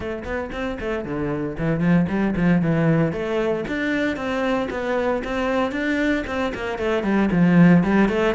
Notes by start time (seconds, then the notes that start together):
0.00 A3
0.24 B3
0.52 C4
0.80 A3
1.04 D3
1.58 E3
1.80 F3
2.08 G3
2.35 F3
2.61 E3
3.12 A3
3.68 D4
4.16 C4
4.70 B3
5.24 C4
5.71 D4
6.26 C4
6.54 A#3
6.78 A3
7.03 G3
7.31 F3
7.83 G3
8.08 A3